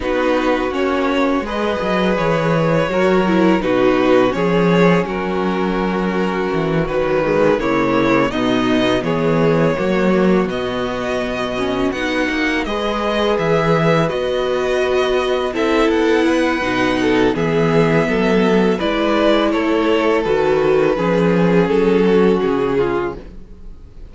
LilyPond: <<
  \new Staff \with { instrumentName = "violin" } { \time 4/4 \tempo 4 = 83 b'4 cis''4 dis''4 cis''4~ | cis''4 b'4 cis''4 ais'4~ | ais'4. b'4 cis''4 dis''8~ | dis''8 cis''2 dis''4.~ |
dis''8 fis''4 dis''4 e''4 dis''8~ | dis''4. e''8 fis''2 | e''2 d''4 cis''4 | b'2 a'4 gis'4 | }
  \new Staff \with { instrumentName = "violin" } { \time 4/4 fis'2 b'2 | ais'4 fis'4 gis'4 fis'4~ | fis'2~ fis'8 e'4 dis'8~ | dis'8 gis'4 fis'2~ fis'8~ |
fis'4. b'2~ b'8~ | b'4. a'4 b'4 a'8 | gis'4 a'4 b'4 a'4~ | a'4 gis'4. fis'4 f'8 | }
  \new Staff \with { instrumentName = "viola" } { \time 4/4 dis'4 cis'4 gis'2 | fis'8 e'8 dis'4 cis'2~ | cis'4. fis8 gis8 ais4 b8~ | b4. ais4 b4. |
cis'8 dis'4 gis'2 fis'8~ | fis'4. e'4. dis'4 | b2 e'2 | fis'4 cis'2. | }
  \new Staff \with { instrumentName = "cello" } { \time 4/4 b4 ais4 gis8 fis8 e4 | fis4 b,4 f4 fis4~ | fis4 e8 dis4 cis4 b,8~ | b,8 e4 fis4 b,4.~ |
b,8 b8 ais8 gis4 e4 b8~ | b4. c'8 b4 b,4 | e4 fis4 gis4 a4 | dis4 f4 fis4 cis4 | }
>>